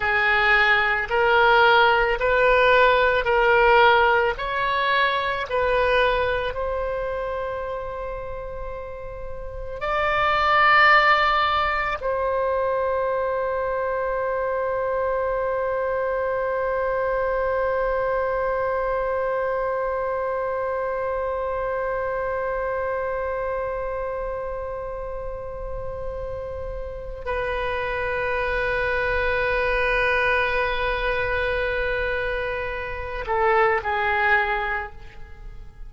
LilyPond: \new Staff \with { instrumentName = "oboe" } { \time 4/4 \tempo 4 = 55 gis'4 ais'4 b'4 ais'4 | cis''4 b'4 c''2~ | c''4 d''2 c''4~ | c''1~ |
c''1~ | c''1~ | c''4 b'2.~ | b'2~ b'8 a'8 gis'4 | }